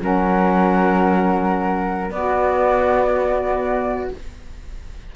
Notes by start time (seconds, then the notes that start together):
0.00 F#3 C#4 A#4 F#5
2.09 B3 D5
2.17 F#4